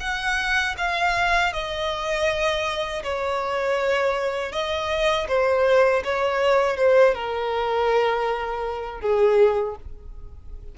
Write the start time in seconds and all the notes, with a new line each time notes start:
0.00 F#5
0.78 F5
1.53 D#5
3.03 C#5
4.52 D#5
5.28 C5
6.04 C#5
6.77 C5
7.15 A#4
9.01 G#4